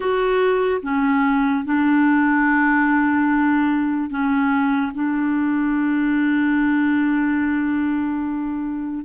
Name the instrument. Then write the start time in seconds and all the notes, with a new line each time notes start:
clarinet
0.00 F#4
0.82 C#4
1.64 D4
4.09 C#4
4.94 D4